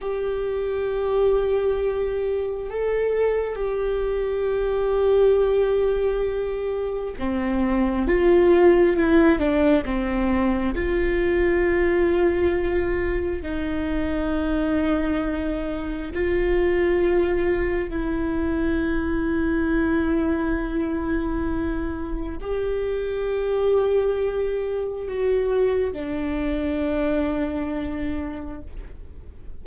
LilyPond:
\new Staff \with { instrumentName = "viola" } { \time 4/4 \tempo 4 = 67 g'2. a'4 | g'1 | c'4 f'4 e'8 d'8 c'4 | f'2. dis'4~ |
dis'2 f'2 | e'1~ | e'4 g'2. | fis'4 d'2. | }